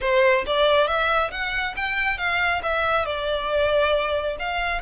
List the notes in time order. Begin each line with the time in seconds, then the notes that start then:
0.00 C5
0.46 D5
0.87 E5
1.31 F#5
1.76 G5
2.18 F5
2.62 E5
3.05 D5
4.39 F5